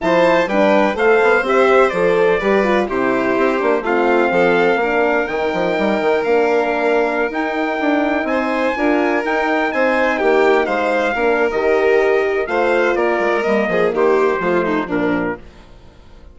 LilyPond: <<
  \new Staff \with { instrumentName = "trumpet" } { \time 4/4 \tempo 4 = 125 a''4 g''4 f''4 e''4 | d''2 c''2 | f''2. g''4~ | g''4 f''2~ f''16 g''8.~ |
g''4~ g''16 gis''2 g''8.~ | g''16 gis''4 g''4 f''4.~ f''16 | dis''2 f''4 d''4 | dis''4 c''2 ais'4 | }
  \new Staff \with { instrumentName = "violin" } { \time 4/4 c''4 b'4 c''2~ | c''4 b'4 g'2 | f'4 a'4 ais'2~ | ais'1~ |
ais'4~ ais'16 c''4 ais'4.~ ais'16~ | ais'16 c''4 g'4 c''4 ais'8.~ | ais'2 c''4 ais'4~ | ais'8 gis'8 g'4 f'8 dis'8 d'4 | }
  \new Staff \with { instrumentName = "horn" } { \time 4/4 e'4 d'4 a'4 g'4 | a'4 g'8 f'8 e'4. d'8 | c'2 d'4 dis'4~ | dis'4 d'2~ d'16 dis'8.~ |
dis'2~ dis'16 f'4 dis'8.~ | dis'2.~ dis'16 d'8. | g'2 f'2 | ais2 a4 f4 | }
  \new Staff \with { instrumentName = "bassoon" } { \time 4/4 f4 g4 a8 b8 c'4 | f4 g4 c4 c'8 ais8 | a4 f4 ais4 dis8 f8 | g8 dis8 ais2~ ais16 dis'8.~ |
dis'16 d'4 c'4 d'4 dis'8.~ | dis'16 c'4 ais4 gis4 ais8. | dis2 a4 ais8 gis8 | g8 f8 dis4 f4 ais,4 | }
>>